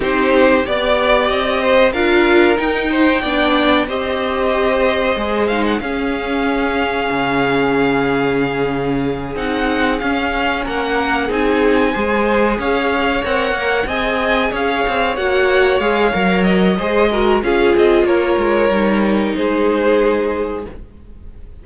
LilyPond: <<
  \new Staff \with { instrumentName = "violin" } { \time 4/4 \tempo 4 = 93 c''4 d''4 dis''4 f''4 | g''2 dis''2~ | dis''8 f''16 fis''16 f''2.~ | f''2~ f''8 fis''4 f''8~ |
f''8 fis''4 gis''2 f''8~ | f''8 fis''4 gis''4 f''4 fis''8~ | fis''8 f''4 dis''4. f''8 dis''8 | cis''2 c''2 | }
  \new Staff \with { instrumentName = "violin" } { \time 4/4 g'4 d''4. c''8 ais'4~ | ais'8 c''8 d''4 c''2~ | c''4 gis'2.~ | gis'1~ |
gis'8 ais'4 gis'4 c''4 cis''8~ | cis''4. dis''4 cis''4.~ | cis''2 c''8 ais'8 gis'4 | ais'2 gis'2 | }
  \new Staff \with { instrumentName = "viola" } { \time 4/4 dis'4 g'2 f'4 | dis'4 d'4 g'2 | gis'8 dis'8 cis'2.~ | cis'2~ cis'8 dis'4 cis'8~ |
cis'4. dis'4 gis'4.~ | gis'8 ais'4 gis'2 fis'8~ | fis'8 gis'8 ais'4 gis'8 fis'8 f'4~ | f'4 dis'2. | }
  \new Staff \with { instrumentName = "cello" } { \time 4/4 c'4 b4 c'4 d'4 | dis'4 b4 c'2 | gis4 cis'2 cis4~ | cis2~ cis8 c'4 cis'8~ |
cis'8 ais4 c'4 gis4 cis'8~ | cis'8 c'8 ais8 c'4 cis'8 c'8 ais8~ | ais8 gis8 fis4 gis4 cis'8 c'8 | ais8 gis8 g4 gis2 | }
>>